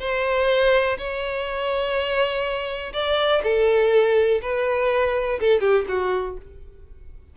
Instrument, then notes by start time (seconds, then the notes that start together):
violin
0.00 C5
0.98 C#5
2.93 D5
3.44 A4
4.42 B4
5.40 A4
5.61 G4
5.88 F#4